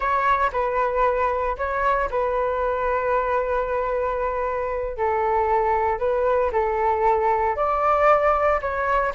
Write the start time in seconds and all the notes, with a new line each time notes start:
0.00 C#5
0.52 B4
1.57 C#5
2.10 B4
4.97 A4
5.99 B4
6.52 A4
7.56 D5
8.61 C#5